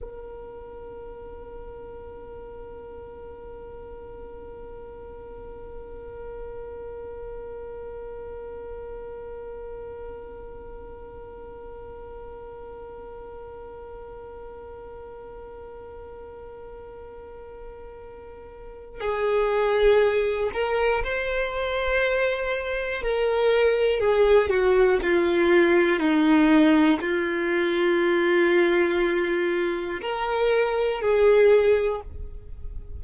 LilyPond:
\new Staff \with { instrumentName = "violin" } { \time 4/4 \tempo 4 = 60 ais'1~ | ais'1~ | ais'1~ | ais'1~ |
ais'2. gis'4~ | gis'8 ais'8 c''2 ais'4 | gis'8 fis'8 f'4 dis'4 f'4~ | f'2 ais'4 gis'4 | }